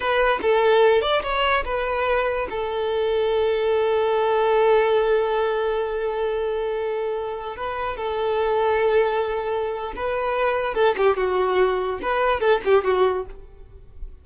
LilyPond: \new Staff \with { instrumentName = "violin" } { \time 4/4 \tempo 4 = 145 b'4 a'4. d''8 cis''4 | b'2 a'2~ | a'1~ | a'1~ |
a'2~ a'16 b'4 a'8.~ | a'1 | b'2 a'8 g'8 fis'4~ | fis'4 b'4 a'8 g'8 fis'4 | }